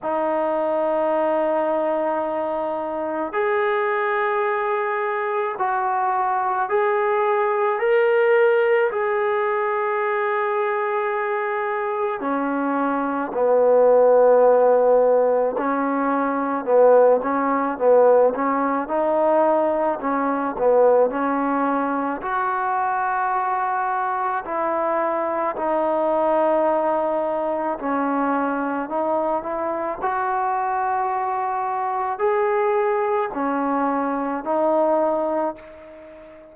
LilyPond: \new Staff \with { instrumentName = "trombone" } { \time 4/4 \tempo 4 = 54 dis'2. gis'4~ | gis'4 fis'4 gis'4 ais'4 | gis'2. cis'4 | b2 cis'4 b8 cis'8 |
b8 cis'8 dis'4 cis'8 b8 cis'4 | fis'2 e'4 dis'4~ | dis'4 cis'4 dis'8 e'8 fis'4~ | fis'4 gis'4 cis'4 dis'4 | }